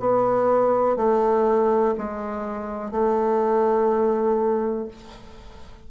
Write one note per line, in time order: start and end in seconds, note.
0.00 0.97 B3
0.97 1.95 A3
1.98 2.92 G#3
2.92 4.89 A3